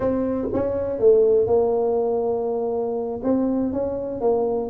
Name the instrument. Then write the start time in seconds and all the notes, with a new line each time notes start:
tuba
0.00 C4
0.53 C#4
0.99 A3
1.46 A#3
3.23 C4
3.73 C#4
4.20 A#3